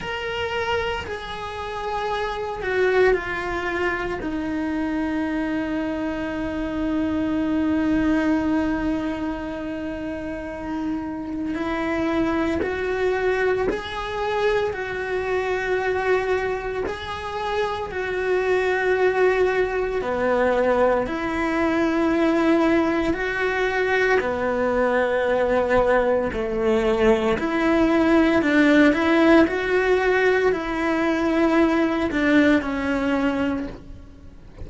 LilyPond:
\new Staff \with { instrumentName = "cello" } { \time 4/4 \tempo 4 = 57 ais'4 gis'4. fis'8 f'4 | dis'1~ | dis'2. e'4 | fis'4 gis'4 fis'2 |
gis'4 fis'2 b4 | e'2 fis'4 b4~ | b4 a4 e'4 d'8 e'8 | fis'4 e'4. d'8 cis'4 | }